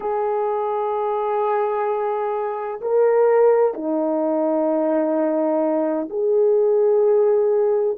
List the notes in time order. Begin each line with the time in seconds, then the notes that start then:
0.00 G#4
2.81 A#4
3.74 D#4
6.10 G#4